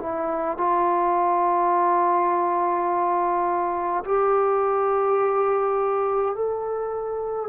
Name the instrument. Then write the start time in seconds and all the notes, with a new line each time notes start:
trombone
0.00 E4
0.58 F4
4.04 G4
6.35 A4